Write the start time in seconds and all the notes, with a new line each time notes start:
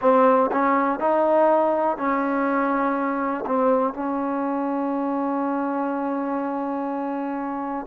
0.01 C4
0.51 C#4
0.99 D#4
1.97 C#4
3.46 C4
3.93 C#4